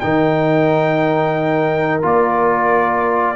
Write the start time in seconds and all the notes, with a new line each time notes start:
0.00 D#3 D#4 A#4 G5
2.02 A#3 F4 D5